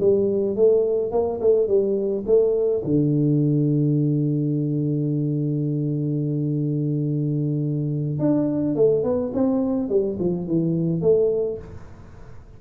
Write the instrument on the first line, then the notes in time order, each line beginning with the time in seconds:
tuba
0.00 G3
0.56 A3
1.12 A#3
1.41 A3
1.68 G3
2.27 A3
2.85 D3
8.19 D4
8.76 A3
9.04 B3
9.34 C4
9.90 G3
10.20 F3
10.47 E3
11.02 A3